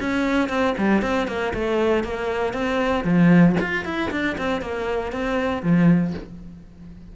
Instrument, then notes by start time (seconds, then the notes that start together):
cello
0.00 C#4
0.49 C4
0.78 G3
1.01 C4
1.27 A#3
1.54 A3
2.03 A#3
2.53 C4
3.04 F3
3.60 F4
3.85 E4
4.11 D4
4.38 C4
4.61 A#3
5.12 C4
5.62 F3